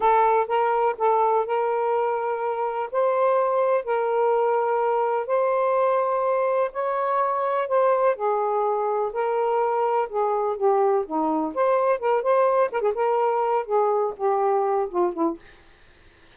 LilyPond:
\new Staff \with { instrumentName = "saxophone" } { \time 4/4 \tempo 4 = 125 a'4 ais'4 a'4 ais'4~ | ais'2 c''2 | ais'2. c''4~ | c''2 cis''2 |
c''4 gis'2 ais'4~ | ais'4 gis'4 g'4 dis'4 | c''4 ais'8 c''4 ais'16 gis'16 ais'4~ | ais'8 gis'4 g'4. f'8 e'8 | }